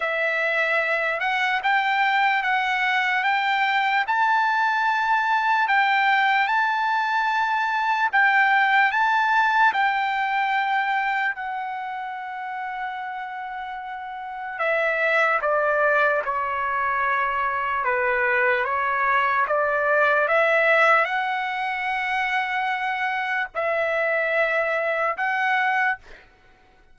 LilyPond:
\new Staff \with { instrumentName = "trumpet" } { \time 4/4 \tempo 4 = 74 e''4. fis''8 g''4 fis''4 | g''4 a''2 g''4 | a''2 g''4 a''4 | g''2 fis''2~ |
fis''2 e''4 d''4 | cis''2 b'4 cis''4 | d''4 e''4 fis''2~ | fis''4 e''2 fis''4 | }